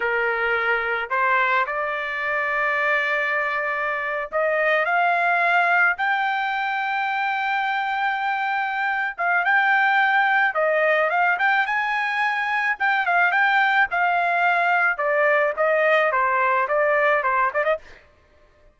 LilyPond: \new Staff \with { instrumentName = "trumpet" } { \time 4/4 \tempo 4 = 108 ais'2 c''4 d''4~ | d''2.~ d''8. dis''16~ | dis''8. f''2 g''4~ g''16~ | g''1~ |
g''8 f''8 g''2 dis''4 | f''8 g''8 gis''2 g''8 f''8 | g''4 f''2 d''4 | dis''4 c''4 d''4 c''8 d''16 dis''16 | }